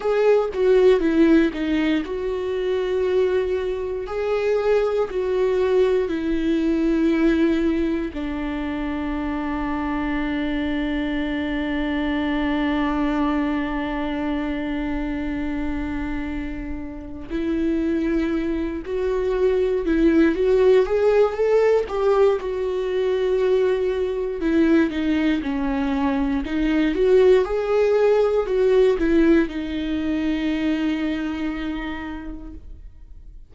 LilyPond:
\new Staff \with { instrumentName = "viola" } { \time 4/4 \tempo 4 = 59 gis'8 fis'8 e'8 dis'8 fis'2 | gis'4 fis'4 e'2 | d'1~ | d'1~ |
d'4 e'4. fis'4 e'8 | fis'8 gis'8 a'8 g'8 fis'2 | e'8 dis'8 cis'4 dis'8 fis'8 gis'4 | fis'8 e'8 dis'2. | }